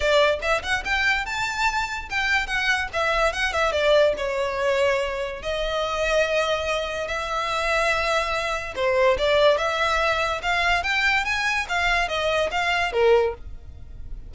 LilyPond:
\new Staff \with { instrumentName = "violin" } { \time 4/4 \tempo 4 = 144 d''4 e''8 fis''8 g''4 a''4~ | a''4 g''4 fis''4 e''4 | fis''8 e''8 d''4 cis''2~ | cis''4 dis''2.~ |
dis''4 e''2.~ | e''4 c''4 d''4 e''4~ | e''4 f''4 g''4 gis''4 | f''4 dis''4 f''4 ais'4 | }